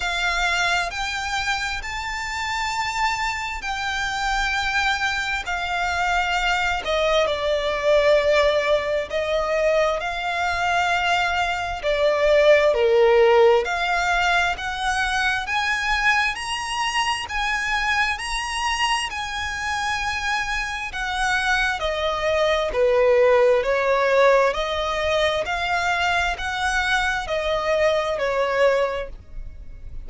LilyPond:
\new Staff \with { instrumentName = "violin" } { \time 4/4 \tempo 4 = 66 f''4 g''4 a''2 | g''2 f''4. dis''8 | d''2 dis''4 f''4~ | f''4 d''4 ais'4 f''4 |
fis''4 gis''4 ais''4 gis''4 | ais''4 gis''2 fis''4 | dis''4 b'4 cis''4 dis''4 | f''4 fis''4 dis''4 cis''4 | }